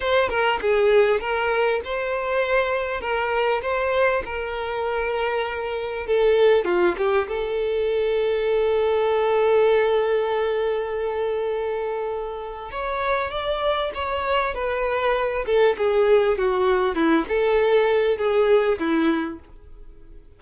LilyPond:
\new Staff \with { instrumentName = "violin" } { \time 4/4 \tempo 4 = 99 c''8 ais'8 gis'4 ais'4 c''4~ | c''4 ais'4 c''4 ais'4~ | ais'2 a'4 f'8 g'8 | a'1~ |
a'1~ | a'4 cis''4 d''4 cis''4 | b'4. a'8 gis'4 fis'4 | e'8 a'4. gis'4 e'4 | }